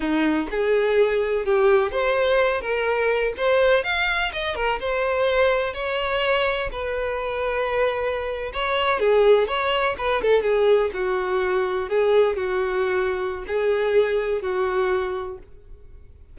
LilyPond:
\new Staff \with { instrumentName = "violin" } { \time 4/4 \tempo 4 = 125 dis'4 gis'2 g'4 | c''4. ais'4. c''4 | f''4 dis''8 ais'8 c''2 | cis''2 b'2~ |
b'4.~ b'16 cis''4 gis'4 cis''16~ | cis''8. b'8 a'8 gis'4 fis'4~ fis'16~ | fis'8. gis'4 fis'2~ fis'16 | gis'2 fis'2 | }